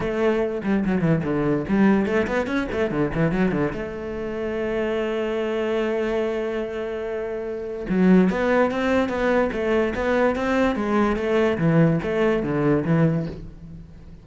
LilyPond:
\new Staff \with { instrumentName = "cello" } { \time 4/4 \tempo 4 = 145 a4. g8 fis8 e8 d4 | g4 a8 b8 cis'8 a8 d8 e8 | fis8 d8 a2.~ | a1~ |
a2. fis4 | b4 c'4 b4 a4 | b4 c'4 gis4 a4 | e4 a4 d4 e4 | }